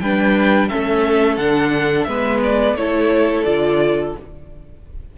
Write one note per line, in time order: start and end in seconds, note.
0.00 0.70 G3
0.00 0.69 D4
0.00 0.69 B4
0.00 0.68 G5
0.68 1.37 A3
0.68 1.38 C#4
0.68 2.07 A4
0.68 1.36 E5
1.36 2.06 D3
1.36 2.08 D4
1.36 2.04 F#5
2.04 2.73 G#3
2.04 2.77 B3
2.04 2.77 B4
2.04 2.38 E5
2.43 2.76 D5
2.73 3.42 A3
2.73 3.46 E4
2.73 3.44 C#5
2.79 4.17 A4
3.44 4.15 D3
3.44 4.15 F4
3.44 4.13 D5